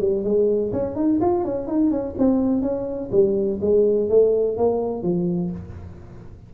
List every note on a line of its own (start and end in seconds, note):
0.00 0.24 G3
0.24 0.72 G#3
0.72 0.96 C#4
0.96 1.20 D#4
1.21 1.44 F4
1.44 1.67 C#4
1.67 1.91 D#4
1.91 2.15 C#4
2.18 2.62 C4
2.62 3.10 C#4
3.12 3.60 G3
3.61 4.09 G#3
4.09 4.57 A3
4.57 5.02 A#3
5.02 5.50 F3